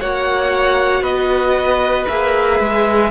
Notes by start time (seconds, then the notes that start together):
0.00 A#3 F#4 C#5 F#5
1.02 B3 B4 D#5
2.08 A#3 G#4 E5
2.60 G#3